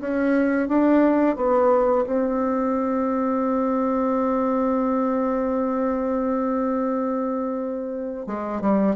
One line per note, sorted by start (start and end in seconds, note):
0.00 0.68 C#4
0.68 1.36 D4
1.36 2.05 B3
2.06 8.26 C4
8.26 8.61 G#3
8.61 8.95 G3